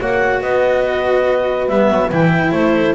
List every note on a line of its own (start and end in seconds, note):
0.00 0.42 A#3
0.00 1.70 F#4
0.00 0.42 C#5
0.00 0.42 F#5
0.42 1.69 B3
0.42 2.55 B4
0.42 1.68 D#5
1.68 1.90 G3
1.68 2.12 B3
1.68 2.11 E5
1.91 2.12 F#3
2.12 2.52 E3
2.12 2.95 E4
2.12 2.52 G5
2.52 2.95 A3
2.52 2.95 A4
2.52 2.95 C5